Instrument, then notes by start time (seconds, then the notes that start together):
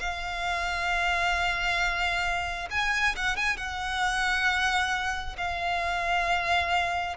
violin
0.00 F5
2.71 G#5
3.16 F#5
3.36 G#5
3.57 F#5
5.37 F5